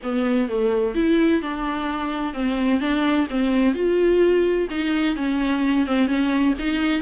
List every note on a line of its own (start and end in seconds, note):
0.03 0.48 B3
0.48 0.95 A3
0.95 1.41 E4
1.42 2.33 D4
2.33 2.80 C4
2.80 3.27 D4
3.30 3.74 C4
3.74 4.67 F4
4.69 5.16 D#4
5.16 5.86 C#4
5.86 6.07 C4
6.07 6.54 C#4
6.59 7.02 D#4